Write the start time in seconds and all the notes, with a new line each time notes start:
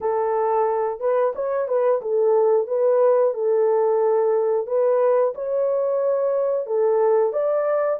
0.00 A4
0.99 B4
1.35 C#5
1.68 B4
2.01 A4
2.67 B4
3.33 A4
4.67 B4
5.34 C#5
6.66 A4
7.32 D5